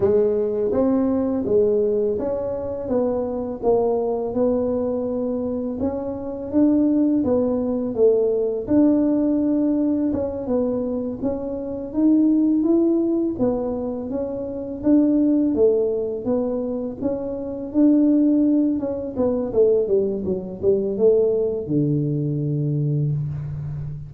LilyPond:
\new Staff \with { instrumentName = "tuba" } { \time 4/4 \tempo 4 = 83 gis4 c'4 gis4 cis'4 | b4 ais4 b2 | cis'4 d'4 b4 a4 | d'2 cis'8 b4 cis'8~ |
cis'8 dis'4 e'4 b4 cis'8~ | cis'8 d'4 a4 b4 cis'8~ | cis'8 d'4. cis'8 b8 a8 g8 | fis8 g8 a4 d2 | }